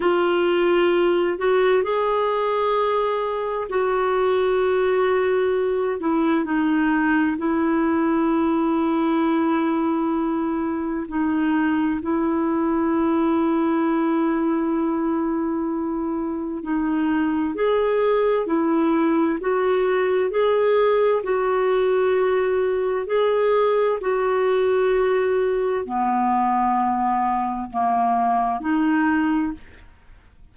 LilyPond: \new Staff \with { instrumentName = "clarinet" } { \time 4/4 \tempo 4 = 65 f'4. fis'8 gis'2 | fis'2~ fis'8 e'8 dis'4 | e'1 | dis'4 e'2.~ |
e'2 dis'4 gis'4 | e'4 fis'4 gis'4 fis'4~ | fis'4 gis'4 fis'2 | b2 ais4 dis'4 | }